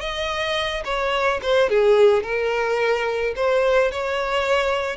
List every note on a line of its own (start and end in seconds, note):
0.00 0.83 D#5
0.85 1.40 C#5
1.42 1.69 C5
1.69 2.23 G#4
2.23 3.34 A#4
3.36 3.91 C5
3.91 4.96 C#5